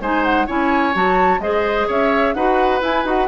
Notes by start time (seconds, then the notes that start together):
0.00 G#3 D#4 C5 G#5
0.23 F#5
0.46 C#4 E4 C#5 G#5
0.93 F#3 F#4 A5
1.39 G#3 G#4 C5 D#5
1.87 C#4 C#5 E5
2.33 D#4 F#4 B4 F#5
2.80 E4 G#5
3.04 D#4 F#4 F#5